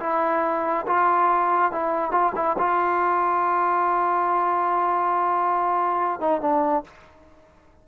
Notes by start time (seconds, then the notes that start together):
0.00 E4
0.86 F4
1.72 E4
2.11 F4
2.35 E4
2.58 F4
6.20 D#4
6.41 D4